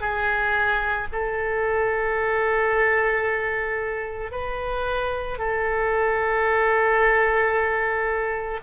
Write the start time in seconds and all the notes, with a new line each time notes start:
0.00 G#4
1.12 A4
4.31 B4
5.38 A4